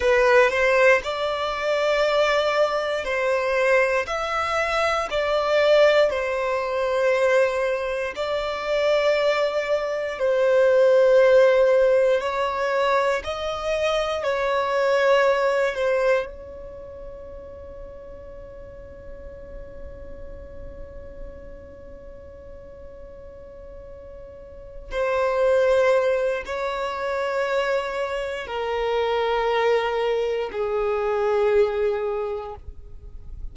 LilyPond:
\new Staff \with { instrumentName = "violin" } { \time 4/4 \tempo 4 = 59 b'8 c''8 d''2 c''4 | e''4 d''4 c''2 | d''2 c''2 | cis''4 dis''4 cis''4. c''8 |
cis''1~ | cis''1~ | cis''8 c''4. cis''2 | ais'2 gis'2 | }